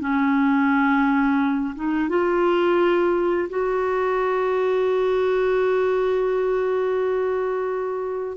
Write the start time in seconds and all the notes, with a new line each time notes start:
0.00 C#4
1.75 D#4
2.09 F4
3.49 F#4